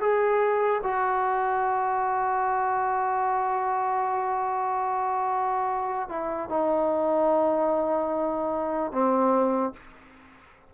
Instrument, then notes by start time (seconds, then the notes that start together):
trombone
0.00 G#4
0.83 F#4
6.08 E4
6.49 D#4
8.92 C4